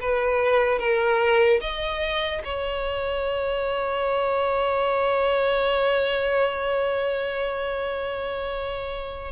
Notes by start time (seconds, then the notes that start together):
0.00 B4
0.79 A#4
1.61 D#5
2.44 C#5